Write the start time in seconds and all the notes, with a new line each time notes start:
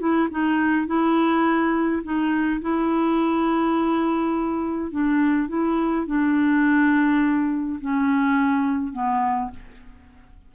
0.00 E4
0.31 D#4
0.87 E4
2.03 D#4
2.62 E4
4.91 D4
5.49 E4
6.07 D4
7.81 C#4
8.93 B3